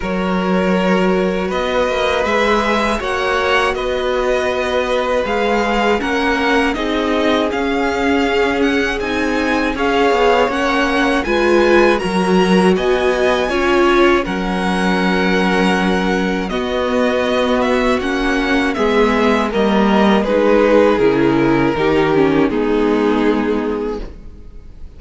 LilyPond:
<<
  \new Staff \with { instrumentName = "violin" } { \time 4/4 \tempo 4 = 80 cis''2 dis''4 e''4 | fis''4 dis''2 f''4 | fis''4 dis''4 f''4. fis''8 | gis''4 f''4 fis''4 gis''4 |
ais''4 gis''2 fis''4~ | fis''2 dis''4. e''8 | fis''4 e''4 dis''4 b'4 | ais'2 gis'2 | }
  \new Staff \with { instrumentName = "violin" } { \time 4/4 ais'2 b'2 | cis''4 b'2. | ais'4 gis'2.~ | gis'4 cis''2 b'4 |
ais'4 dis''4 cis''4 ais'4~ | ais'2 fis'2~ | fis'4 gis'4 ais'4 gis'4~ | gis'4 g'4 dis'2 | }
  \new Staff \with { instrumentName = "viola" } { \time 4/4 fis'2. gis'4 | fis'2. gis'4 | cis'4 dis'4 cis'2 | dis'4 gis'4 cis'4 f'4 |
fis'2 f'4 cis'4~ | cis'2 b2 | cis'4 b4 ais4 dis'4 | e'4 dis'8 cis'8 b2 | }
  \new Staff \with { instrumentName = "cello" } { \time 4/4 fis2 b8 ais8 gis4 | ais4 b2 gis4 | ais4 c'4 cis'2 | c'4 cis'8 b8 ais4 gis4 |
fis4 b4 cis'4 fis4~ | fis2 b2 | ais4 gis4 g4 gis4 | cis4 dis4 gis2 | }
>>